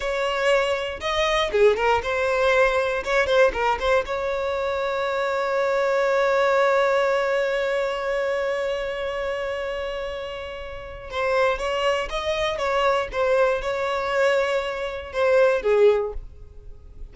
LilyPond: \new Staff \with { instrumentName = "violin" } { \time 4/4 \tempo 4 = 119 cis''2 dis''4 gis'8 ais'8 | c''2 cis''8 c''8 ais'8 c''8 | cis''1~ | cis''1~ |
cis''1~ | cis''2 c''4 cis''4 | dis''4 cis''4 c''4 cis''4~ | cis''2 c''4 gis'4 | }